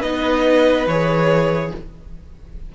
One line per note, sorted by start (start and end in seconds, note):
0.00 0.86 B3
0.00 0.87 D#4
0.00 1.69 B4
0.00 0.86 D#5
0.86 1.71 E3
0.86 1.75 G#4
0.86 1.72 C#5